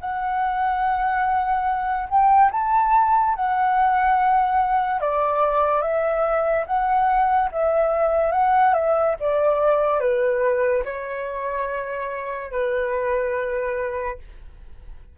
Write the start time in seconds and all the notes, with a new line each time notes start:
0.00 F#5
2.09 G5
2.51 A5
3.35 F#5
5.00 D5
5.81 E5
6.66 F#5
7.52 E5
8.32 F#5
8.73 E5
9.19 D5
10.00 B4
10.84 C#5
12.51 B4